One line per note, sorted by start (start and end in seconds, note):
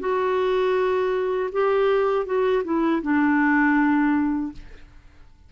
0.00 1.50 F#4
1.53 2.26 G4
2.26 2.64 F#4
2.65 3.02 E4
3.02 4.52 D4